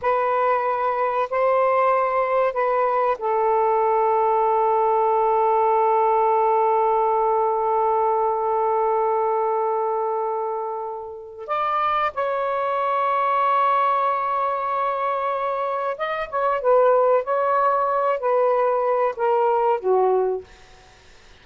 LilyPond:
\new Staff \with { instrumentName = "saxophone" } { \time 4/4 \tempo 4 = 94 b'2 c''2 | b'4 a'2.~ | a'1~ | a'1~ |
a'2 d''4 cis''4~ | cis''1~ | cis''4 dis''8 cis''8 b'4 cis''4~ | cis''8 b'4. ais'4 fis'4 | }